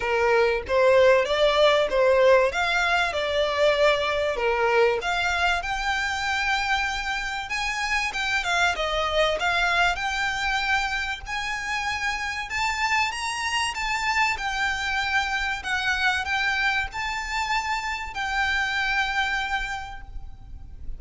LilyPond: \new Staff \with { instrumentName = "violin" } { \time 4/4 \tempo 4 = 96 ais'4 c''4 d''4 c''4 | f''4 d''2 ais'4 | f''4 g''2. | gis''4 g''8 f''8 dis''4 f''4 |
g''2 gis''2 | a''4 ais''4 a''4 g''4~ | g''4 fis''4 g''4 a''4~ | a''4 g''2. | }